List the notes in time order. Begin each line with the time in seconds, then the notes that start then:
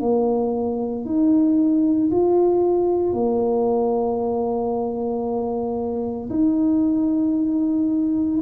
0.00 A#3
1.05 D#4
2.11 F4
3.13 A#3
6.30 D#4